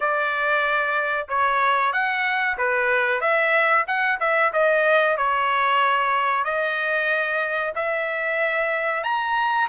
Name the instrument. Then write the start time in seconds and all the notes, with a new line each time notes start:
trumpet
0.00 D5
1.28 C#5
1.92 F#5
2.57 B4
3.21 E5
3.87 F#5
4.20 E5
4.52 D#5
5.17 C#5
6.44 D#5
7.75 E5
9.03 A#5